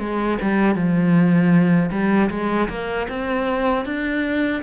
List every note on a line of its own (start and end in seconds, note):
0.00 0.38 G#3
0.42 0.75 G3
0.75 1.91 F3
1.92 2.30 G3
2.31 2.69 G#3
2.70 3.08 A#3
3.09 3.86 C4
3.86 4.63 D4